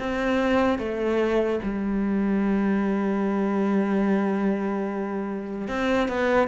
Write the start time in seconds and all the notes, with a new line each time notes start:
0.00 C4
0.79 A3
1.64 G3
5.68 C4
6.08 B3